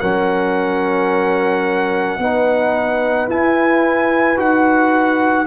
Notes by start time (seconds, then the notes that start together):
0.00 F#3 C#4 A#4 F#5
2.18 B3 D#4 B4
3.28 E4 G#5
4.36 D#4 F#4 F#5